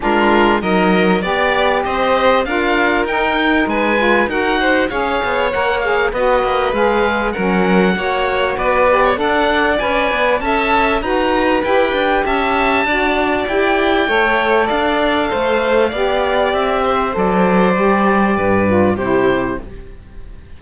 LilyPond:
<<
  \new Staff \with { instrumentName = "oboe" } { \time 4/4 \tempo 4 = 98 ais'4 dis''4 d''4 dis''4 | f''4 g''4 gis''4 fis''4 | f''4 fis''8 f''8 dis''4 f''4 | fis''2 d''4 fis''4 |
gis''4 a''4 ais''4 g''4 | a''2 g''2 | f''2. e''4 | d''2. c''4 | }
  \new Staff \with { instrumentName = "violin" } { \time 4/4 f'4 ais'4 d''4 c''4 | ais'2 b'4 ais'8 c''8 | cis''2 b'2 | ais'4 cis''4 b'8. cis''16 d''4~ |
d''4 e''4 b'2 | e''4 d''2 cis''4 | d''4 c''4 d''4. c''8~ | c''2 b'4 g'4 | }
  \new Staff \with { instrumentName = "saxophone" } { \time 4/4 d'4 dis'4 g'2 | f'4 dis'4. f'8 fis'4 | gis'4 ais'8 gis'8 fis'4 gis'4 | cis'4 fis'4. g'8 a'4 |
b'4 a'4 fis'4 g'4~ | g'4 fis'4 g'4 a'4~ | a'2 g'2 | a'4 g'4. f'8 e'4 | }
  \new Staff \with { instrumentName = "cello" } { \time 4/4 gis4 fis4 b4 c'4 | d'4 dis'4 gis4 dis'4 | cis'8 b8 ais4 b8 ais8 gis4 | fis4 ais4 b4 d'4 |
cis'8 b8 cis'4 dis'4 e'8 d'8 | cis'4 d'4 e'4 a4 | d'4 a4 b4 c'4 | fis4 g4 g,4 c4 | }
>>